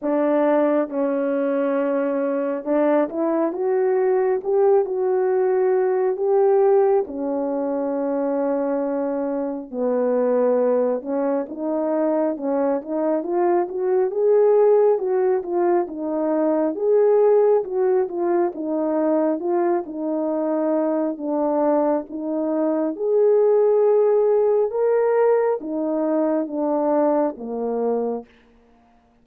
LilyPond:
\new Staff \with { instrumentName = "horn" } { \time 4/4 \tempo 4 = 68 d'4 cis'2 d'8 e'8 | fis'4 g'8 fis'4. g'4 | cis'2. b4~ | b8 cis'8 dis'4 cis'8 dis'8 f'8 fis'8 |
gis'4 fis'8 f'8 dis'4 gis'4 | fis'8 f'8 dis'4 f'8 dis'4. | d'4 dis'4 gis'2 | ais'4 dis'4 d'4 ais4 | }